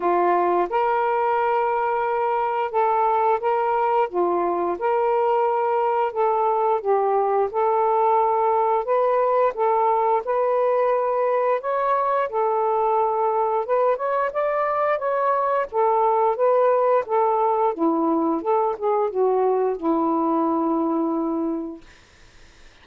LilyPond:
\new Staff \with { instrumentName = "saxophone" } { \time 4/4 \tempo 4 = 88 f'4 ais'2. | a'4 ais'4 f'4 ais'4~ | ais'4 a'4 g'4 a'4~ | a'4 b'4 a'4 b'4~ |
b'4 cis''4 a'2 | b'8 cis''8 d''4 cis''4 a'4 | b'4 a'4 e'4 a'8 gis'8 | fis'4 e'2. | }